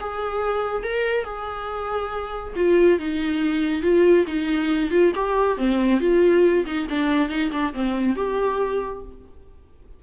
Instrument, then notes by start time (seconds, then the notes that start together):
viola
0.00 G#4
0.83 A#4
1.24 G#4
2.56 F4
2.99 D#4
3.82 F4
4.27 D#4
4.90 F4
5.15 G4
5.57 C4
6.00 F4
6.66 D#4
6.89 D4
7.29 D#4
7.52 D4
7.74 C4
8.16 G4